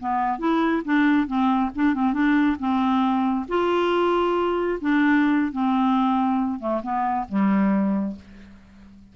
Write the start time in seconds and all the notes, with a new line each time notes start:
0.00 B3
0.39 E4
0.85 D4
1.27 C4
1.75 D4
1.95 C4
2.14 D4
2.59 C4
3.49 F4
4.81 D4
5.52 C4
6.60 A3
6.83 B3
7.29 G3